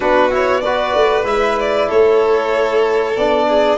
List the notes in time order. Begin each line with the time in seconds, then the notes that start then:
0.00 B3 D4 F#4 B4
0.30 E4 C#5
0.61 F#4 B4 D5
0.94 A3
1.23 G#3 E4 E5
1.59 D5
1.88 A3 A4 C#5
3.16 B3 D4 D5
3.48 G#4